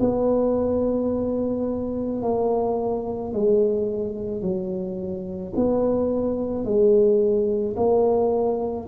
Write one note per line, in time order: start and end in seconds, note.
0.00 2.22 B3
2.22 3.33 A#3
3.33 4.42 G#3
4.42 5.53 F#3
5.56 6.65 B3
6.65 7.76 G#3
7.76 8.87 A#3